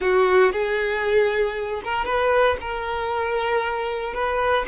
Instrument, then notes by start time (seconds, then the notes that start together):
violin
0.00 F#4
0.52 G#4
1.83 A#4
2.05 B4
2.61 A#4
4.14 B4